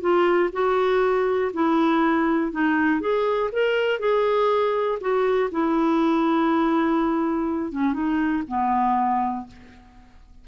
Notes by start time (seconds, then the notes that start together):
0.00 F4
0.52 F#4
1.53 E4
2.51 D#4
3.00 G#4
3.52 A#4
3.99 G#4
5.00 F#4
5.51 E4
7.72 C#4
7.93 D#4
8.47 B3